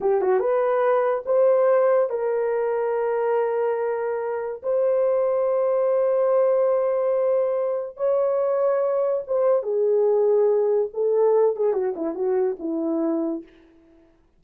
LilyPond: \new Staff \with { instrumentName = "horn" } { \time 4/4 \tempo 4 = 143 g'8 fis'8 b'2 c''4~ | c''4 ais'2.~ | ais'2. c''4~ | c''1~ |
c''2. cis''4~ | cis''2 c''4 gis'4~ | gis'2 a'4. gis'8 | fis'8 e'8 fis'4 e'2 | }